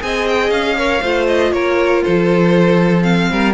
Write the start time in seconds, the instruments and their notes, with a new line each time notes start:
0.00 cello C4, viola G#4, violin D#5 G#5
0.28 violin G5
0.50 cello C#4, violin F5
0.77 viola A#4, violin C#5
1.01 cello A3, viola F4, violin C5
1.27 violin D#5
1.52 cello A#3, violin A#4 C#5
2.03 cello F3, violin A4 C5
3.01 viola C4, violin F5
3.30 cello G3, violin A#4